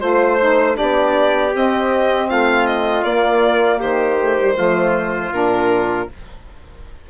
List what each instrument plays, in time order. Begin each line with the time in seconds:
0.00 bassoon A3, saxophone F4, violin C5, trumpet C5
0.40 saxophone D#4
0.74 saxophone D4, trumpet G4, violin D5
0.81 bassoon B3
1.54 saxophone C4, bassoon C4, violin D#5
2.30 bassoon A3, trumpet F4, violin F5
2.66 violin D#5
3.04 bassoon A#3, saxophone A#3, violin D5
3.79 bassoon D#3, trumpet G4, violin C5
4.19 saxophone A3
4.38 saxophone G3
4.55 bassoon F3, saxophone A3, trumpet F4
5.32 bassoon A#2, saxophone D4, violin A#4